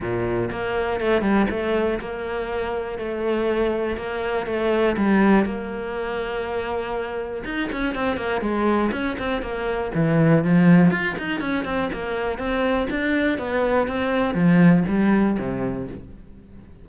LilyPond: \new Staff \with { instrumentName = "cello" } { \time 4/4 \tempo 4 = 121 ais,4 ais4 a8 g8 a4 | ais2 a2 | ais4 a4 g4 ais4~ | ais2. dis'8 cis'8 |
c'8 ais8 gis4 cis'8 c'8 ais4 | e4 f4 f'8 dis'8 cis'8 c'8 | ais4 c'4 d'4 b4 | c'4 f4 g4 c4 | }